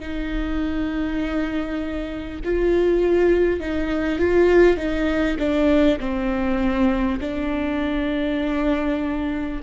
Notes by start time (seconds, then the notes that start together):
0.00 D#4
2.44 F4
3.61 D#4
4.19 F4
4.77 D#4
5.39 D4
5.99 C4
7.21 D4